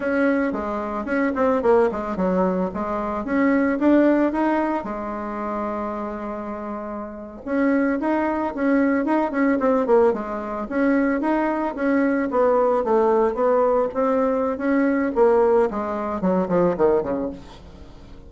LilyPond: \new Staff \with { instrumentName = "bassoon" } { \time 4/4 \tempo 4 = 111 cis'4 gis4 cis'8 c'8 ais8 gis8 | fis4 gis4 cis'4 d'4 | dis'4 gis2.~ | gis4.~ gis16 cis'4 dis'4 cis'16~ |
cis'8. dis'8 cis'8 c'8 ais8 gis4 cis'16~ | cis'8. dis'4 cis'4 b4 a16~ | a8. b4 c'4~ c'16 cis'4 | ais4 gis4 fis8 f8 dis8 cis8 | }